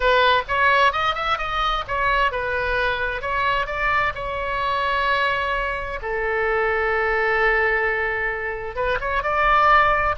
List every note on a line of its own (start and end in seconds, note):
0.00 0.42 B4
0.47 0.92 C#5
0.92 1.15 D#5
1.15 1.38 E5
1.38 1.84 D#5
1.87 2.31 C#5
2.31 3.21 B4
3.21 3.66 C#5
3.66 4.12 D5
4.15 5.99 C#5
6.02 8.75 A4
8.75 8.98 B4
9.00 9.23 C#5
9.23 10.15 D5